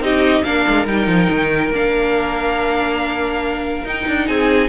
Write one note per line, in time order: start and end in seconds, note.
0.00 0.43 C4
0.00 0.45 D#4
0.00 0.44 G4
0.00 0.44 D#5
0.44 0.66 A#3
0.44 0.86 D4
0.44 4.27 A#4
0.44 0.86 F5
0.68 0.87 G#3
0.86 1.07 G3
0.86 1.71 D#4
0.86 1.71 G5
1.07 1.28 F3
1.30 1.71 D#3
1.71 3.84 A#3
1.71 3.86 D4
1.71 3.88 F5
3.84 4.05 D#4
3.84 4.69 D#4
3.84 4.27 G5
4.07 4.28 D4
4.27 4.69 C4
4.27 4.69 G#4
4.27 4.69 G#5